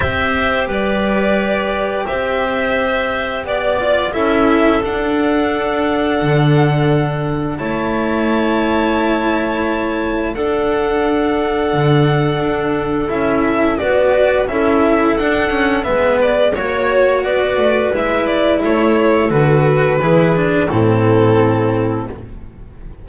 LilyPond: <<
  \new Staff \with { instrumentName = "violin" } { \time 4/4 \tempo 4 = 87 e''4 d''2 e''4~ | e''4 d''4 e''4 fis''4~ | fis''2. a''4~ | a''2. fis''4~ |
fis''2. e''4 | d''4 e''4 fis''4 e''8 d''8 | cis''4 d''4 e''8 d''8 cis''4 | b'2 a'2 | }
  \new Staff \with { instrumentName = "clarinet" } { \time 4/4 c''4 b'2 c''4~ | c''4 d''4 a'2~ | a'2. cis''4~ | cis''2. a'4~ |
a'1 | b'4 a'2 b'4 | cis''4 b'2 a'4~ | a'4 gis'4 e'2 | }
  \new Staff \with { instrumentName = "cello" } { \time 4/4 g'1~ | g'4. f'8 e'4 d'4~ | d'2. e'4~ | e'2. d'4~ |
d'2. e'4 | fis'4 e'4 d'8 cis'8 b4 | fis'2 e'2 | fis'4 e'8 d'8 c'2 | }
  \new Staff \with { instrumentName = "double bass" } { \time 4/4 c'4 g2 c'4~ | c'4 b4 cis'4 d'4~ | d'4 d2 a4~ | a2. d'4~ |
d'4 d4 d'4 cis'4 | b4 cis'4 d'4 gis4 | ais4 b8 a8 gis4 a4 | d4 e4 a,2 | }
>>